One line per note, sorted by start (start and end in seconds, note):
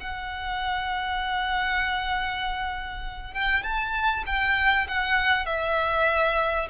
0.00 3.33 F#5
3.33 3.63 G5
3.63 4.24 A5
4.26 4.87 G5
4.88 5.45 F#5
5.45 6.68 E5